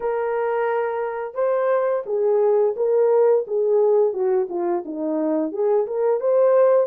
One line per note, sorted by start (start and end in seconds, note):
0.00 1.34 A#4
1.34 2.03 C5
2.06 2.75 G#4
2.76 3.45 A#4
3.47 4.13 G#4
4.13 4.47 F#4
4.49 4.83 F4
4.85 5.52 D#4
5.52 5.86 G#4
5.86 6.20 A#4
6.20 6.87 C5